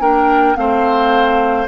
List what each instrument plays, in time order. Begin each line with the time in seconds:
0.00 bassoon A#3, clarinet D4, oboe A#4, flute G5
0.55 bassoon A3, clarinet C4, oboe C5, flute F5